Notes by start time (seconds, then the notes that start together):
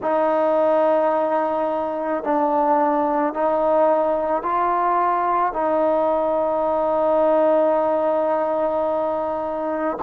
0.02 D#4
2.23 D4
3.33 D#4
4.42 F4
5.53 D#4